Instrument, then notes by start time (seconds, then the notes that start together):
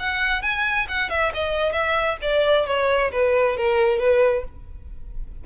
violin
0.00 F#5
0.42 G#5
0.89 F#5
1.10 E5
1.34 D#5
1.73 E5
2.22 D5
2.67 C#5
3.12 B4
3.57 A#4
4.00 B4